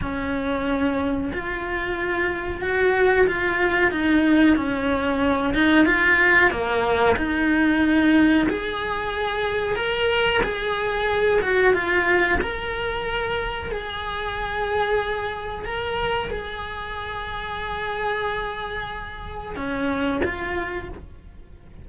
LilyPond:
\new Staff \with { instrumentName = "cello" } { \time 4/4 \tempo 4 = 92 cis'2 f'2 | fis'4 f'4 dis'4 cis'4~ | cis'8 dis'8 f'4 ais4 dis'4~ | dis'4 gis'2 ais'4 |
gis'4. fis'8 f'4 ais'4~ | ais'4 gis'2. | ais'4 gis'2.~ | gis'2 cis'4 f'4 | }